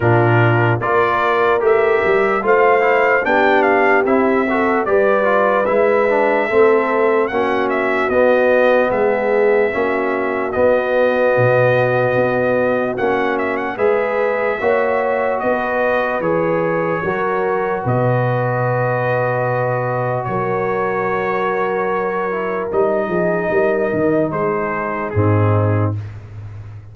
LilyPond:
<<
  \new Staff \with { instrumentName = "trumpet" } { \time 4/4 \tempo 4 = 74 ais'4 d''4 e''4 f''4 | g''8 f''8 e''4 d''4 e''4~ | e''4 fis''8 e''8 dis''4 e''4~ | e''4 dis''2. |
fis''8 e''16 fis''16 e''2 dis''4 | cis''2 dis''2~ | dis''4 cis''2. | dis''2 c''4 gis'4 | }
  \new Staff \with { instrumentName = "horn" } { \time 4/4 f'4 ais'2 c''4 | g'4. a'8 b'2 | a'4 fis'2 gis'4 | fis'1~ |
fis'4 b'4 cis''4 b'4~ | b'4 ais'4 b'2~ | b'4 ais'2.~ | ais'8 gis'8 ais'4 gis'4 dis'4 | }
  \new Staff \with { instrumentName = "trombone" } { \time 4/4 d'4 f'4 g'4 f'8 e'8 | d'4 e'8 fis'8 g'8 f'8 e'8 d'8 | c'4 cis'4 b2 | cis'4 b2. |
cis'4 gis'4 fis'2 | gis'4 fis'2.~ | fis'2.~ fis'8 e'8 | dis'2. c'4 | }
  \new Staff \with { instrumentName = "tuba" } { \time 4/4 ais,4 ais4 a8 g8 a4 | b4 c'4 g4 gis4 | a4 ais4 b4 gis4 | ais4 b4 b,4 b4 |
ais4 gis4 ais4 b4 | e4 fis4 b,2~ | b,4 fis2. | g8 f8 g8 dis8 gis4 gis,4 | }
>>